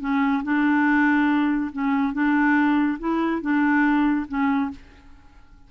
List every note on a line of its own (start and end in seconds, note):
0.00 0.43 C#4
0.44 1.71 D4
1.72 2.13 C#4
2.13 2.98 D4
2.99 3.41 E4
3.41 4.26 D4
4.28 4.71 C#4